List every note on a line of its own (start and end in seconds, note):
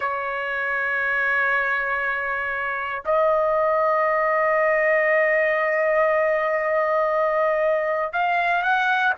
0.00 3.03 C#5
3.05 8.12 D#5
8.12 8.62 F5
8.62 9.13 F#5